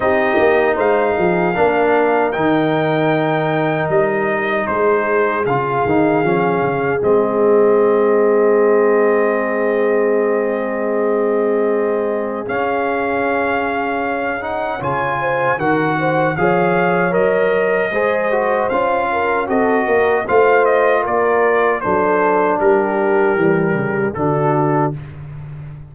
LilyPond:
<<
  \new Staff \with { instrumentName = "trumpet" } { \time 4/4 \tempo 4 = 77 dis''4 f''2 g''4~ | g''4 dis''4 c''4 f''4~ | f''4 dis''2.~ | dis''1 |
f''2~ f''8 fis''8 gis''4 | fis''4 f''4 dis''2 | f''4 dis''4 f''8 dis''8 d''4 | c''4 ais'2 a'4 | }
  \new Staff \with { instrumentName = "horn" } { \time 4/4 g'4 c''8 gis'8 ais'2~ | ais'2 gis'2~ | gis'1~ | gis'1~ |
gis'2. cis''8 c''8 | ais'8 c''8 cis''2 c''4~ | c''8 ais'8 a'8 ais'8 c''4 ais'4 | a'4 g'2 fis'4 | }
  \new Staff \with { instrumentName = "trombone" } { \time 4/4 dis'2 d'4 dis'4~ | dis'2. f'8 dis'8 | cis'4 c'2.~ | c'1 |
cis'2~ cis'8 dis'8 f'4 | fis'4 gis'4 ais'4 gis'8 fis'8 | f'4 fis'4 f'2 | d'2 g4 d'4 | }
  \new Staff \with { instrumentName = "tuba" } { \time 4/4 c'8 ais8 gis8 f8 ais4 dis4~ | dis4 g4 gis4 cis8 dis8 | f8 cis8 gis2.~ | gis1 |
cis'2. cis4 | dis4 f4 fis4 gis4 | cis'4 c'8 ais8 a4 ais4 | fis4 g4 e8 cis8 d4 | }
>>